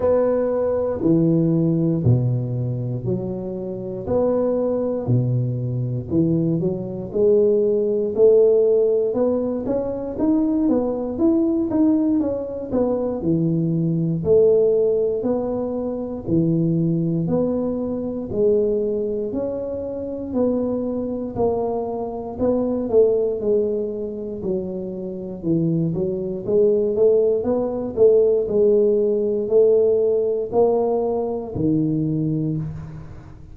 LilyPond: \new Staff \with { instrumentName = "tuba" } { \time 4/4 \tempo 4 = 59 b4 e4 b,4 fis4 | b4 b,4 e8 fis8 gis4 | a4 b8 cis'8 dis'8 b8 e'8 dis'8 | cis'8 b8 e4 a4 b4 |
e4 b4 gis4 cis'4 | b4 ais4 b8 a8 gis4 | fis4 e8 fis8 gis8 a8 b8 a8 | gis4 a4 ais4 dis4 | }